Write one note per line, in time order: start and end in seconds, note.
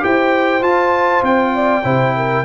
0.00 0.62 E4
0.00 0.61 G4
0.00 1.54 C5
0.00 0.63 G5
0.62 1.22 F4
0.62 1.83 F4
0.62 1.24 A5
1.23 1.84 C4
1.23 2.45 G5
1.54 1.84 D5
1.84 2.45 C3
1.84 2.45 E4
1.84 2.15 C5
2.17 2.45 A#4